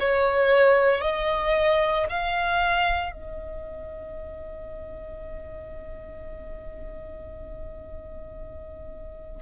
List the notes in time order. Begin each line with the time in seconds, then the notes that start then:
0.00 C#5
1.01 D#5
2.10 F5
3.12 D#5